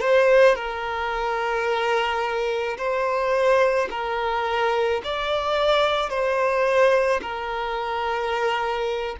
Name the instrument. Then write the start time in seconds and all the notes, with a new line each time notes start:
violin
0.00 C5
0.55 A#4
2.77 C5
3.90 A#4
5.04 D5
6.09 C5
7.21 A#4